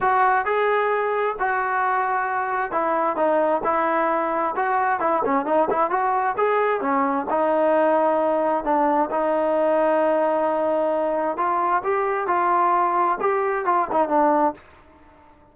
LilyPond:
\new Staff \with { instrumentName = "trombone" } { \time 4/4 \tempo 4 = 132 fis'4 gis'2 fis'4~ | fis'2 e'4 dis'4 | e'2 fis'4 e'8 cis'8 | dis'8 e'8 fis'4 gis'4 cis'4 |
dis'2. d'4 | dis'1~ | dis'4 f'4 g'4 f'4~ | f'4 g'4 f'8 dis'8 d'4 | }